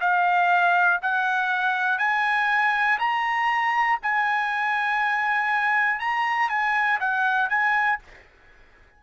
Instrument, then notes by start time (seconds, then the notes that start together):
trumpet
0.00 F5
1.01 F#5
1.98 G#5
2.99 A#5
4.02 G#5
5.99 A#5
6.49 G#5
7.00 F#5
7.49 G#5